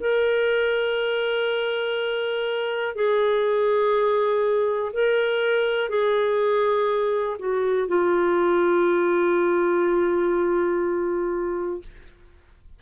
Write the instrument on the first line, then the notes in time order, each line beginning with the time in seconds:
clarinet
0.00 A#4
2.95 G#4
4.93 A#4
5.89 G#4
7.39 F#4
7.88 F4